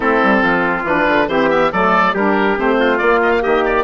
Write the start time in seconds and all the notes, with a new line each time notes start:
0.00 A3 C4 E4 A4
0.23 G3
0.42 F3 F4
0.83 E3 D4 B4
1.08 D3
1.27 E3 C4 G4 C5
1.49 B3 E5
1.72 F#3 A3 A4 D5
2.13 G3 D4 G4 A#4
2.57 A3 C4 C5
2.80 F4
2.98 A#3 D5
3.22 D#5
3.31 F5
3.42 D#3 G4 D#5
3.65 D5